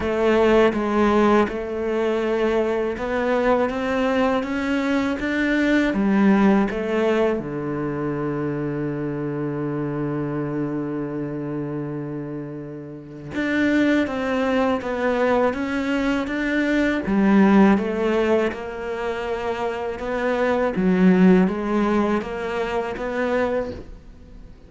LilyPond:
\new Staff \with { instrumentName = "cello" } { \time 4/4 \tempo 4 = 81 a4 gis4 a2 | b4 c'4 cis'4 d'4 | g4 a4 d2~ | d1~ |
d2 d'4 c'4 | b4 cis'4 d'4 g4 | a4 ais2 b4 | fis4 gis4 ais4 b4 | }